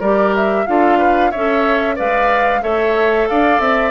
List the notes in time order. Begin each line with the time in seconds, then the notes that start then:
0.00 G3 G4 A#4 D5
0.36 E5
0.67 D4 F4 A4 F5
0.98 B4
1.31 C#4 A4 C#5 E5
1.96 G#3 B4 D5 F5
2.62 A3 A4 C#5 E5
3.29 D4 D5 F5
3.60 C4 E5